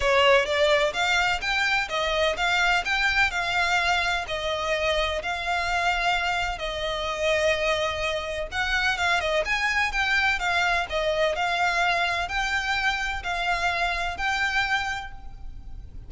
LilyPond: \new Staff \with { instrumentName = "violin" } { \time 4/4 \tempo 4 = 127 cis''4 d''4 f''4 g''4 | dis''4 f''4 g''4 f''4~ | f''4 dis''2 f''4~ | f''2 dis''2~ |
dis''2 fis''4 f''8 dis''8 | gis''4 g''4 f''4 dis''4 | f''2 g''2 | f''2 g''2 | }